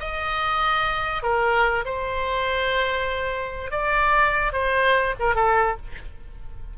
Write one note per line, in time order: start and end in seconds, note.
0.00 1.22 D#5
1.22 1.85 A#4
1.85 3.71 C5
3.71 4.53 D5
4.53 5.15 C5
5.20 5.35 A#4
5.35 5.77 A4